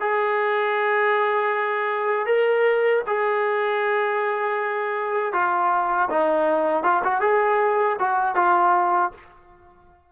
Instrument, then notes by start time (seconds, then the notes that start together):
trombone
0.00 G#4
2.26 A#4
3.07 G#4
5.33 F4
6.10 D#4
6.83 F4
7.04 F#4
7.20 G#4
8.00 F#4
8.35 F4